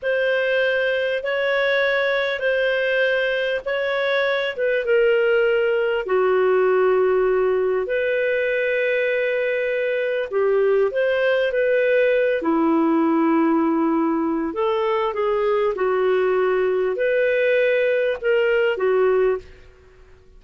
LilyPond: \new Staff \with { instrumentName = "clarinet" } { \time 4/4 \tempo 4 = 99 c''2 cis''2 | c''2 cis''4. b'8 | ais'2 fis'2~ | fis'4 b'2.~ |
b'4 g'4 c''4 b'4~ | b'8 e'2.~ e'8 | a'4 gis'4 fis'2 | b'2 ais'4 fis'4 | }